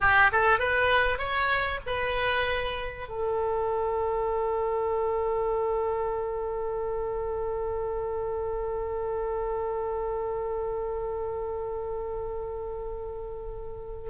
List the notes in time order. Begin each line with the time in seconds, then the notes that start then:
0.00 G4
0.32 A4
0.59 B4
1.18 C#5
1.86 B4
3.08 A4